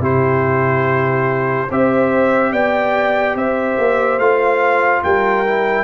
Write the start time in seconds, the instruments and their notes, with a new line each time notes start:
0.00 tuba C3, trombone E4, horn G4, trumpet C5
1.70 tuba C4, trombone G4, horn C5, trumpet E5
2.52 tuba B3, horn D5, trumpet G5
3.36 tuba C4, horn C5, trumpet E5
3.79 tuba A#3
4.19 tuba A3, trombone F4, trumpet F5
5.03 tuba G3, horn A#4, trumpet G5
5.46 trombone E4